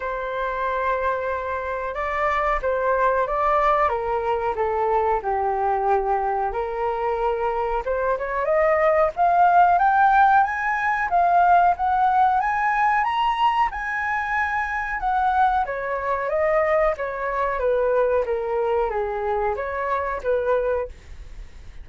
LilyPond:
\new Staff \with { instrumentName = "flute" } { \time 4/4 \tempo 4 = 92 c''2. d''4 | c''4 d''4 ais'4 a'4 | g'2 ais'2 | c''8 cis''8 dis''4 f''4 g''4 |
gis''4 f''4 fis''4 gis''4 | ais''4 gis''2 fis''4 | cis''4 dis''4 cis''4 b'4 | ais'4 gis'4 cis''4 b'4 | }